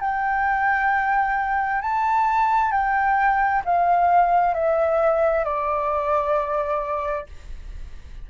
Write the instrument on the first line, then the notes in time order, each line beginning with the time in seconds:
flute
0.00 G5
1.81 A5
2.71 G5
3.64 F5
4.54 E5
5.44 D5